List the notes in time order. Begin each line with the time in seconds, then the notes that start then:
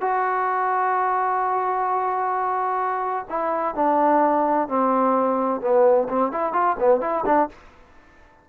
0.00 F#4
3.29 E4
3.75 D4
4.68 C4
5.61 B3
6.09 C4
6.31 E4
6.52 F4
6.79 B3
7.00 E4
7.25 D4